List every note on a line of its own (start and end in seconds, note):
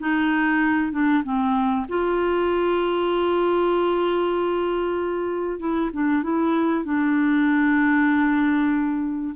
0.00 0.93 D#4
0.93 1.24 D4
1.24 1.87 C4
1.89 5.60 F4
5.60 5.91 E4
5.93 6.23 D4
6.23 6.85 E4
6.85 9.35 D4